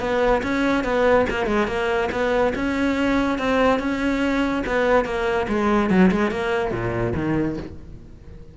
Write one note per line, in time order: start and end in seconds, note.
0.00 0.42 B3
0.43 0.84 C#4
0.84 1.26 B3
1.30 1.46 A#3
1.46 1.67 G#3
1.67 2.09 A#3
2.11 2.53 B3
2.55 3.38 C#4
3.38 3.79 C4
3.79 4.63 C#4
4.66 5.05 B3
5.05 5.47 A#3
5.49 5.90 G#3
5.90 6.11 F#3
6.11 6.31 G#3
6.31 6.71 A#3
6.71 7.13 A#2
7.15 7.57 D#3